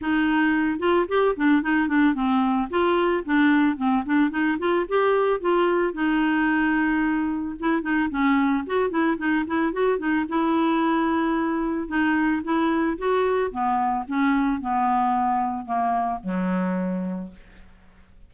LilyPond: \new Staff \with { instrumentName = "clarinet" } { \time 4/4 \tempo 4 = 111 dis'4. f'8 g'8 d'8 dis'8 d'8 | c'4 f'4 d'4 c'8 d'8 | dis'8 f'8 g'4 f'4 dis'4~ | dis'2 e'8 dis'8 cis'4 |
fis'8 e'8 dis'8 e'8 fis'8 dis'8 e'4~ | e'2 dis'4 e'4 | fis'4 b4 cis'4 b4~ | b4 ais4 fis2 | }